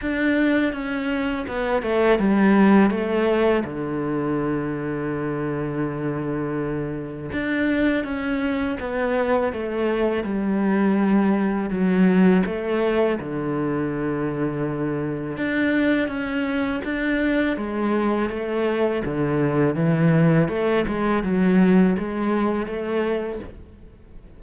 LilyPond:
\new Staff \with { instrumentName = "cello" } { \time 4/4 \tempo 4 = 82 d'4 cis'4 b8 a8 g4 | a4 d2.~ | d2 d'4 cis'4 | b4 a4 g2 |
fis4 a4 d2~ | d4 d'4 cis'4 d'4 | gis4 a4 d4 e4 | a8 gis8 fis4 gis4 a4 | }